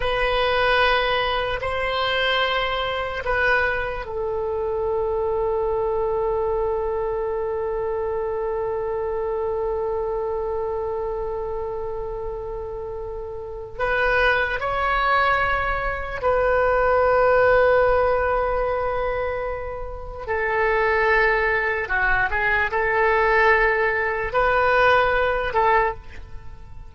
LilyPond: \new Staff \with { instrumentName = "oboe" } { \time 4/4 \tempo 4 = 74 b'2 c''2 | b'4 a'2.~ | a'1~ | a'1~ |
a'4 b'4 cis''2 | b'1~ | b'4 a'2 fis'8 gis'8 | a'2 b'4. a'8 | }